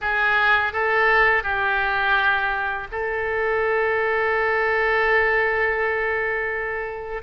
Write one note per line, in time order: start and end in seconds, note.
0.01 0.72 G#4
0.72 1.43 A4
1.43 2.87 G4
2.91 7.22 A4